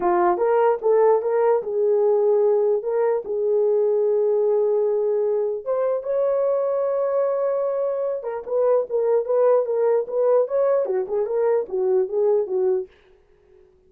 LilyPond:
\new Staff \with { instrumentName = "horn" } { \time 4/4 \tempo 4 = 149 f'4 ais'4 a'4 ais'4 | gis'2. ais'4 | gis'1~ | gis'2 c''4 cis''4~ |
cis''1~ | cis''8 ais'8 b'4 ais'4 b'4 | ais'4 b'4 cis''4 fis'8 gis'8 | ais'4 fis'4 gis'4 fis'4 | }